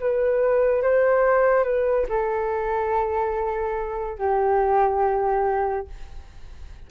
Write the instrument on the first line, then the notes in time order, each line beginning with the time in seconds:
flute
0.00 B4
0.83 C5
1.64 B4
2.09 A4
4.18 G4